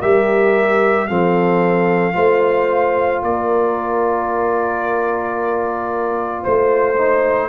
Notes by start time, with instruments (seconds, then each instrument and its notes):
0.00 tuba G3, trombone G4, horn A#4, trumpet E5
1.08 tuba F3, trombone C4, horn A4, trumpet F5
2.13 tuba A3, trombone F4, horn C5
3.23 tuba A#3, horn A#4, trumpet D5
6.43 tuba A3, horn C5, trumpet C5
6.98 trombone D#4